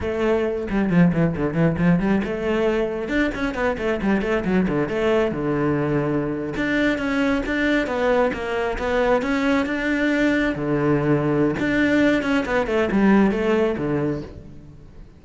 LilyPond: \new Staff \with { instrumentName = "cello" } { \time 4/4 \tempo 4 = 135 a4. g8 f8 e8 d8 e8 | f8 g8 a2 d'8 cis'8 | b8 a8 g8 a8 fis8 d8 a4 | d2~ d8. d'4 cis'16~ |
cis'8. d'4 b4 ais4 b16~ | b8. cis'4 d'2 d16~ | d2 d'4. cis'8 | b8 a8 g4 a4 d4 | }